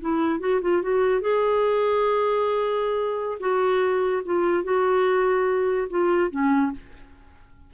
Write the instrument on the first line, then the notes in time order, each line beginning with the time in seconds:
clarinet
0.00 E4
0.39 F#4
0.61 F4
0.82 F#4
1.21 G#4
3.39 F#4
4.25 F4
4.63 F#4
5.89 F4
6.30 C#4